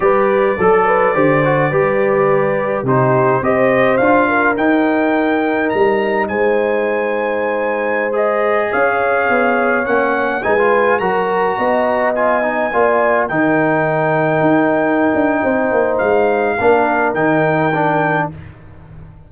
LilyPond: <<
  \new Staff \with { instrumentName = "trumpet" } { \time 4/4 \tempo 4 = 105 d''1~ | d''4 c''4 dis''4 f''4 | g''2 ais''4 gis''4~ | gis''2~ gis''16 dis''4 f''8.~ |
f''4~ f''16 fis''4 gis''4 ais''8.~ | ais''4~ ais''16 gis''2 g''8.~ | g''1 | f''2 g''2 | }
  \new Staff \with { instrumentName = "horn" } { \time 4/4 b'4 a'8 b'8 c''4 b'4~ | b'4 g'4 c''4. ais'8~ | ais'2. c''4~ | c''2.~ c''16 cis''8.~ |
cis''2~ cis''16 b'4 ais'8.~ | ais'16 dis''2 d''4 ais'8.~ | ais'2. c''4~ | c''4 ais'2. | }
  \new Staff \with { instrumentName = "trombone" } { \time 4/4 g'4 a'4 g'8 fis'8 g'4~ | g'4 dis'4 g'4 f'4 | dis'1~ | dis'2~ dis'16 gis'4.~ gis'16~ |
gis'4~ gis'16 cis'4 dis'16 f'8. fis'8.~ | fis'4~ fis'16 f'8 dis'8 f'4 dis'8.~ | dis'1~ | dis'4 d'4 dis'4 d'4 | }
  \new Staff \with { instrumentName = "tuba" } { \time 4/4 g4 fis4 d4 g4~ | g4 c4 c'4 d'4 | dis'2 g4 gis4~ | gis2.~ gis16 cis'8.~ |
cis'16 b4 ais4 gis4 fis8.~ | fis16 b2 ais4 dis8.~ | dis4~ dis16 dis'4~ dis'16 d'8 c'8 ais8 | gis4 ais4 dis2 | }
>>